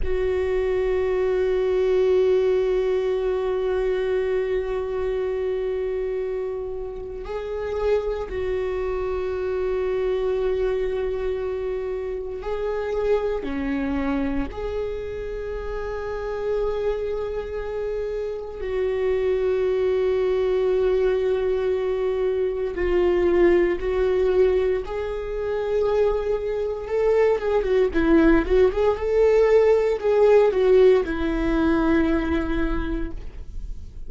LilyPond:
\new Staff \with { instrumentName = "viola" } { \time 4/4 \tempo 4 = 58 fis'1~ | fis'2. gis'4 | fis'1 | gis'4 cis'4 gis'2~ |
gis'2 fis'2~ | fis'2 f'4 fis'4 | gis'2 a'8 gis'16 fis'16 e'8 fis'16 gis'16 | a'4 gis'8 fis'8 e'2 | }